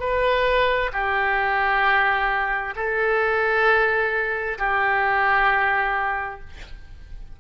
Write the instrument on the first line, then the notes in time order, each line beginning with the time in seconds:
oboe
0.00 B4
0.93 G4
2.76 A4
4.59 G4